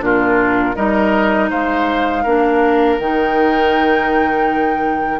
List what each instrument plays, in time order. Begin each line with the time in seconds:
0.00 bassoon A#2, clarinet D4, oboe F4, flute A#4
0.75 bassoon G3, clarinet D#4, oboe A#4, flute D#5
1.50 bassoon G#3, oboe C5, flute F5
2.23 bassoon A#3, clarinet D4, oboe A#4
2.99 bassoon D#3, clarinet D#4, flute G5